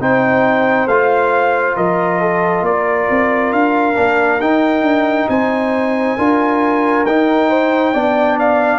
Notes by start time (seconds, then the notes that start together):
0.00 C4 D#4 C5 G5
0.87 A3 F4 F5
1.77 F3 A#4 D#5
2.21 A4
2.62 A#3 A#4 D5
3.10 C4
3.53 D4 F5
3.95 A#3 D4
4.40 D#4 G5
4.82 D4
5.29 C4 C5 G#5
6.18 D4 F4 A#4
7.06 D#4 G5
7.50 C5
7.94 B3 D4 D5
8.39 F5